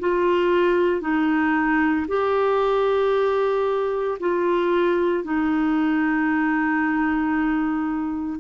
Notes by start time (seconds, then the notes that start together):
0.00 F4
1.01 D#4
2.08 G4
4.20 F4
5.24 D#4